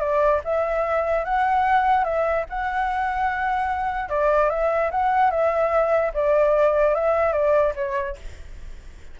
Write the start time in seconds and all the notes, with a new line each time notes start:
0.00 D5
0.45 E5
1.25 F#5
2.04 E5
2.49 F#5
4.09 D5
4.50 E5
4.91 F#5
5.31 E5
6.14 D5
6.95 E5
7.33 D5
7.76 C#5